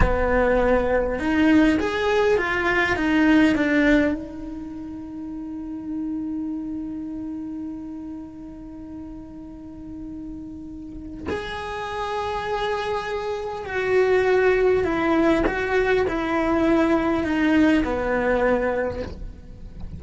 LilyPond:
\new Staff \with { instrumentName = "cello" } { \time 4/4 \tempo 4 = 101 b2 dis'4 gis'4 | f'4 dis'4 d'4 dis'4~ | dis'1~ | dis'1~ |
dis'2. gis'4~ | gis'2. fis'4~ | fis'4 e'4 fis'4 e'4~ | e'4 dis'4 b2 | }